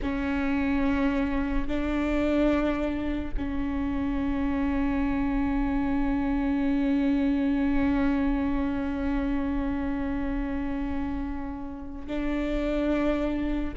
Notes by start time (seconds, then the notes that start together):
0.02 C#4
1.67 D4
3.37 C#4
12.07 D4